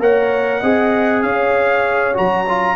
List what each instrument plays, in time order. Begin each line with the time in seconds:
0.00 tuba A#3, trombone A#4, horn C#5, trumpet F#5
0.60 tuba C4, trombone G#4, horn D#5
1.23 tuba C#4, horn C#5, trumpet F5
2.14 tuba F#3, trombone F#4, trumpet A#5
2.49 trombone F4